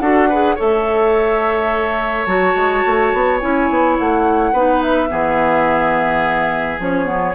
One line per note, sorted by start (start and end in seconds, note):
0.00 0.57 D4
0.00 0.30 F#4
0.00 0.29 A4
0.00 0.57 F#5
0.29 0.58 G#4
0.29 0.55 B4
0.55 2.26 A3
0.55 2.27 A4
0.55 4.51 C#5
0.55 2.25 E5
2.25 2.55 F#3
2.25 3.40 F#4
2.25 3.38 A5
2.55 2.83 G#3
2.87 3.13 A3
3.13 3.42 B3
3.40 3.70 C#4
3.40 4.54 E4
3.40 3.97 G#5
3.70 3.98 B3
3.99 4.53 A3
3.99 4.82 F#5
4.53 5.09 B3
4.53 5.09 D#4
4.53 5.09 B4
4.82 6.81 E5
5.09 6.79 E3
5.09 6.78 B3
5.09 7.35 G#4
6.79 7.35 F3
6.79 7.05 C#4
6.79 7.35 C#5
7.05 7.33 B3